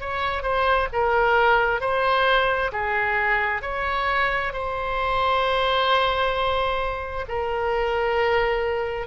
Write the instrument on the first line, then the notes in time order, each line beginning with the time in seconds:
oboe
0.00 C#5
0.42 C5
0.92 A#4
1.80 C5
2.72 G#4
3.62 C#5
4.52 C5
7.28 A#4